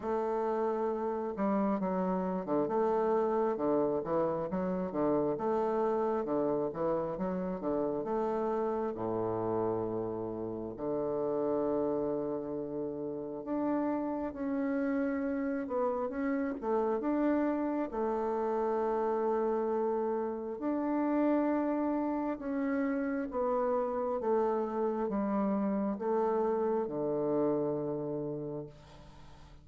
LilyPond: \new Staff \with { instrumentName = "bassoon" } { \time 4/4 \tempo 4 = 67 a4. g8 fis8. d16 a4 | d8 e8 fis8 d8 a4 d8 e8 | fis8 d8 a4 a,2 | d2. d'4 |
cis'4. b8 cis'8 a8 d'4 | a2. d'4~ | d'4 cis'4 b4 a4 | g4 a4 d2 | }